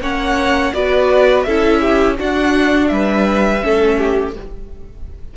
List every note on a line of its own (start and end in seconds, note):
0.00 0.72 A#3
0.00 0.73 C#4
0.00 0.73 C#5
0.00 0.73 F#5
0.73 1.46 B3
0.73 1.45 F#4
0.73 1.45 B4
0.73 1.43 D5
1.43 2.18 C#4
1.43 2.17 E4
1.43 1.80 A4
1.43 2.15 E5
1.80 2.16 G4
2.17 3.61 D4
2.17 2.91 D4
2.17 2.91 F#4
2.17 2.87 F#5
2.87 3.63 G3
2.87 4.31 E5
2.93 3.64 B4
3.61 4.36 A3
3.61 4.34 C#4
3.61 3.97 A4
3.97 4.34 G4